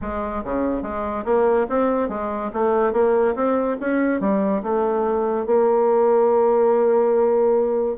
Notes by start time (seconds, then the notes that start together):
0.01 G#3
0.44 C#3
0.82 G#3
1.25 A#3
1.69 C4
2.08 G#3
2.53 A3
2.92 A#3
3.35 C4
3.80 C#4
4.20 G3
4.62 A3
5.45 A#3